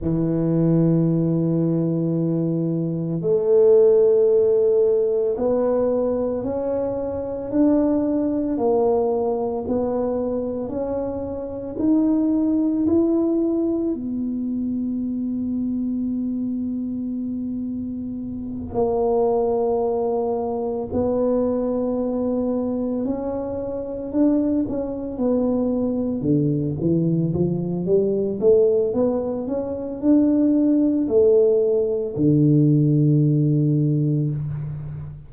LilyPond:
\new Staff \with { instrumentName = "tuba" } { \time 4/4 \tempo 4 = 56 e2. a4~ | a4 b4 cis'4 d'4 | ais4 b4 cis'4 dis'4 | e'4 b2.~ |
b4. ais2 b8~ | b4. cis'4 d'8 cis'8 b8~ | b8 d8 e8 f8 g8 a8 b8 cis'8 | d'4 a4 d2 | }